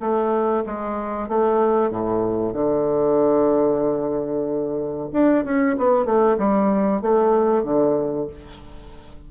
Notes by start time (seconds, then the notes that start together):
0.00 A3
0.66 G#3
1.29 A3
1.91 A2
2.54 D3
5.13 D4
5.45 C#4
5.78 B3
6.05 A3
6.38 G3
7.02 A3
7.64 D3